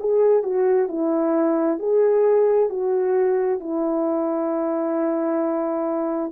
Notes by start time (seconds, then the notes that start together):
0.00 G#4
0.43 F#4
0.88 E4
1.79 G#4
2.70 F#4
3.60 E4